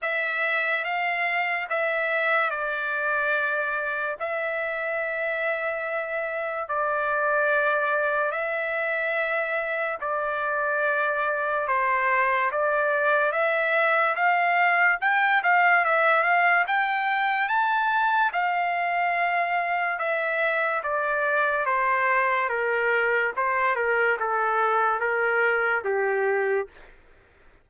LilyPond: \new Staff \with { instrumentName = "trumpet" } { \time 4/4 \tempo 4 = 72 e''4 f''4 e''4 d''4~ | d''4 e''2. | d''2 e''2 | d''2 c''4 d''4 |
e''4 f''4 g''8 f''8 e''8 f''8 | g''4 a''4 f''2 | e''4 d''4 c''4 ais'4 | c''8 ais'8 a'4 ais'4 g'4 | }